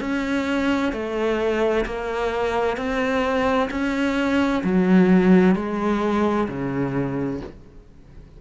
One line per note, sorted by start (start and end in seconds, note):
0.00 0.92 C#4
0.92 1.85 A3
1.85 2.77 A#3
2.77 3.69 C4
3.70 4.62 C#4
4.63 5.55 F#3
5.55 6.47 G#3
6.48 7.40 C#3